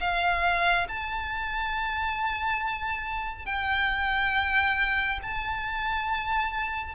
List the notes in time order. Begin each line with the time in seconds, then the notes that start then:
0.00 F5
0.88 A5
3.45 G5
5.22 A5